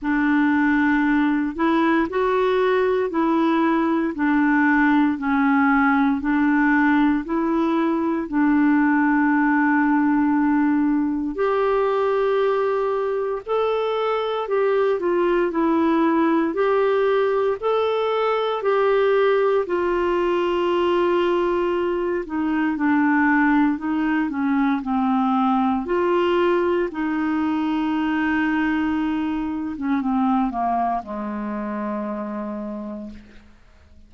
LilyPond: \new Staff \with { instrumentName = "clarinet" } { \time 4/4 \tempo 4 = 58 d'4. e'8 fis'4 e'4 | d'4 cis'4 d'4 e'4 | d'2. g'4~ | g'4 a'4 g'8 f'8 e'4 |
g'4 a'4 g'4 f'4~ | f'4. dis'8 d'4 dis'8 cis'8 | c'4 f'4 dis'2~ | dis'8. cis'16 c'8 ais8 gis2 | }